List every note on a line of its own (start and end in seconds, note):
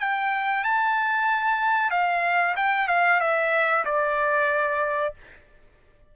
0.00 0.64 G5
0.64 1.91 A5
1.91 2.55 F5
2.56 2.88 G5
2.88 3.20 F5
3.21 3.85 E5
3.85 5.14 D5